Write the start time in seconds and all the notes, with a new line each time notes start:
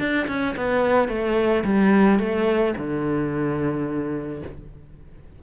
0.00 D4
0.28 C#4
0.57 B3
1.09 A3
1.65 G3
2.20 A3
2.78 D3